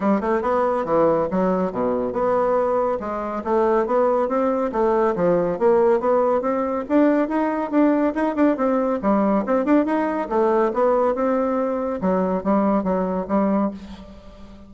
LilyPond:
\new Staff \with { instrumentName = "bassoon" } { \time 4/4 \tempo 4 = 140 g8 a8 b4 e4 fis4 | b,4 b2 gis4 | a4 b4 c'4 a4 | f4 ais4 b4 c'4 |
d'4 dis'4 d'4 dis'8 d'8 | c'4 g4 c'8 d'8 dis'4 | a4 b4 c'2 | fis4 g4 fis4 g4 | }